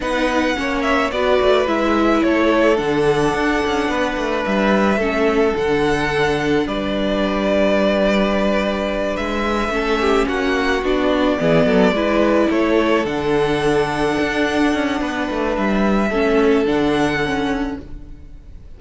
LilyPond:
<<
  \new Staff \with { instrumentName = "violin" } { \time 4/4 \tempo 4 = 108 fis''4. e''8 d''4 e''4 | cis''4 fis''2. | e''2 fis''2 | d''1~ |
d''8 e''2 fis''4 d''8~ | d''2~ d''8 cis''4 fis''8~ | fis''1 | e''2 fis''2 | }
  \new Staff \with { instrumentName = "violin" } { \time 4/4 b'4 cis''4 b'2 | a'2. b'4~ | b'4 a'2. | b'1~ |
b'4. a'8 g'8 fis'4.~ | fis'8 gis'8 a'8 b'4 a'4.~ | a'2. b'4~ | b'4 a'2. | }
  \new Staff \with { instrumentName = "viola" } { \time 4/4 dis'4 cis'4 fis'4 e'4~ | e'4 d'2.~ | d'4 cis'4 d'2~ | d'1~ |
d'4. cis'2 d'8~ | d'8 b4 e'2 d'8~ | d'1~ | d'4 cis'4 d'4 cis'4 | }
  \new Staff \with { instrumentName = "cello" } { \time 4/4 b4 ais4 b8 a8 gis4 | a4 d4 d'8 cis'8 b8 a8 | g4 a4 d2 | g1~ |
g8 gis4 a4 ais4 b8~ | b8 e8 fis8 gis4 a4 d8~ | d4. d'4 cis'8 b8 a8 | g4 a4 d2 | }
>>